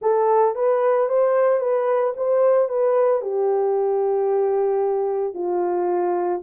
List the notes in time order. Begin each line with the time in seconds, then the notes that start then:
0.01 A4
0.55 B4
1.08 C5
1.59 B4
2.16 C5
2.69 B4
3.21 G4
5.34 F4